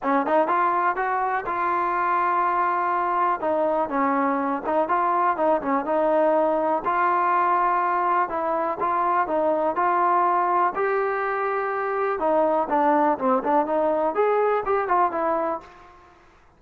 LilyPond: \new Staff \with { instrumentName = "trombone" } { \time 4/4 \tempo 4 = 123 cis'8 dis'8 f'4 fis'4 f'4~ | f'2. dis'4 | cis'4. dis'8 f'4 dis'8 cis'8 | dis'2 f'2~ |
f'4 e'4 f'4 dis'4 | f'2 g'2~ | g'4 dis'4 d'4 c'8 d'8 | dis'4 gis'4 g'8 f'8 e'4 | }